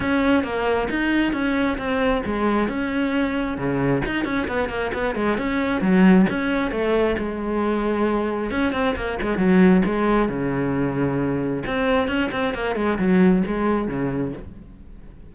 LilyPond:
\new Staff \with { instrumentName = "cello" } { \time 4/4 \tempo 4 = 134 cis'4 ais4 dis'4 cis'4 | c'4 gis4 cis'2 | cis4 dis'8 cis'8 b8 ais8 b8 gis8 | cis'4 fis4 cis'4 a4 |
gis2. cis'8 c'8 | ais8 gis8 fis4 gis4 cis4~ | cis2 c'4 cis'8 c'8 | ais8 gis8 fis4 gis4 cis4 | }